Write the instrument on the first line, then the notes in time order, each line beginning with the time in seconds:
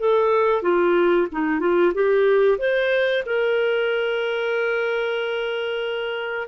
clarinet
0.00 A4
0.63 F4
1.32 D#4
1.60 F4
1.94 G4
2.58 C5
3.26 A#4